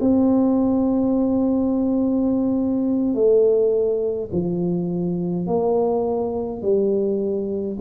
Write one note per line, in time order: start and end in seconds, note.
0.00 3.14 C4
3.14 4.29 A3
4.32 5.47 F3
5.47 6.62 A#3
6.62 7.77 G3